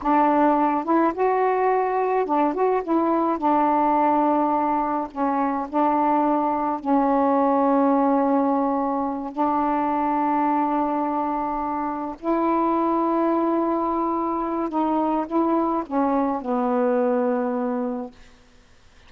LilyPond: \new Staff \with { instrumentName = "saxophone" } { \time 4/4 \tempo 4 = 106 d'4. e'8 fis'2 | d'8 fis'8 e'4 d'2~ | d'4 cis'4 d'2 | cis'1~ |
cis'8 d'2.~ d'8~ | d'4. e'2~ e'8~ | e'2 dis'4 e'4 | cis'4 b2. | }